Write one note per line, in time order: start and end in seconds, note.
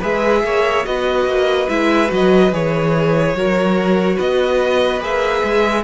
0.00 0.44 G#3
0.00 0.85 G#4
0.00 0.42 B4
0.00 0.86 E5
0.44 0.85 A#3
0.44 0.87 C#5
0.85 1.26 B3
0.85 1.68 F#4
0.85 3.37 B4
0.85 1.69 D#5
1.26 1.67 A#3
1.69 2.11 G#3
1.69 2.08 E4
1.69 2.11 E5
2.08 2.53 F#3
2.08 2.49 F#4
2.14 2.53 D#5
2.53 3.34 E3
2.53 3.36 G#4
2.53 4.19 C#5
3.34 4.18 F#3
3.34 5.00 F#4
3.34 4.16 A#4
4.16 5.01 B3
4.16 5.82 B4
4.16 5.02 D#5
5.00 5.43 A#3
5.00 5.84 G#4
5.00 5.84 E5
5.44 5.84 G#3